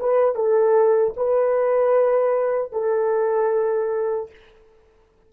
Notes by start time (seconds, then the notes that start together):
0.00 B4
0.35 A4
1.17 B4
2.72 A4